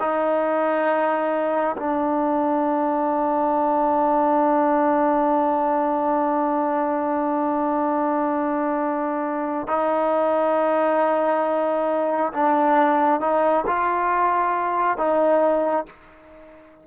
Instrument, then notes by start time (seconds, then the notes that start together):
trombone
0.00 D#4
1.77 D4
9.68 D#4
12.34 D4
13.21 D#4
13.67 F4
14.98 D#4